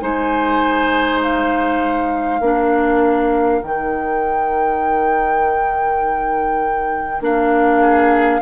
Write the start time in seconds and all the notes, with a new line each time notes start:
0.00 G#3 D#4 C5 G#5
1.23 F5
2.40 A#3 D4 A#4
3.62 D#3 D#4 G5
7.20 A#3 D4 F5
7.79 G#4